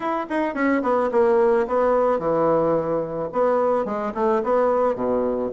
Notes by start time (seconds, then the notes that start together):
0.00 E4
0.29 D#4
0.54 C#4
0.82 B3
1.11 A#3
1.67 B3
2.19 E3
3.32 B3
3.85 G#3
4.14 A3
4.43 B3
4.95 B2